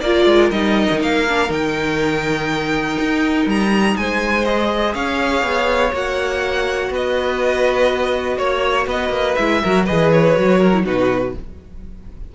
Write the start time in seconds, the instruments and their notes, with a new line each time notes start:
0.00 cello A#3, viola F4, violin A#4 D5
0.26 cello G#3
0.51 cello G3, viola D#4, violin D#5
0.90 cello D#3
1.01 cello A#3, violin F5
1.28 viola D4
1.47 cello D#3, viola D#4, violin G5
2.99 cello D#4
3.46 cello G3, violin A#5
3.96 cello G#3, violin C5 G#5
4.44 viola G#4, violin D#5
4.94 cello C#4, violin C#5 F5
5.42 cello B3
5.92 cello A#3, viola F#4, violin F#5
6.90 cello B3, violin B4 D#5
8.37 cello A#3, violin C#5
8.86 cello B3, violin B4 D#5
9.09 cello A#3
9.35 cello G#3, viola E4, violin E5
9.63 cello F#3, viola F#4, violin A#4
9.85 cello E3, viola G#4, violin B4 D#5
10.12 violin C#5
10.35 cello F#3, viola F#4
10.58 violin A#4
10.72 viola E4
10.84 cello B2, viola D#4, violin F#4 B4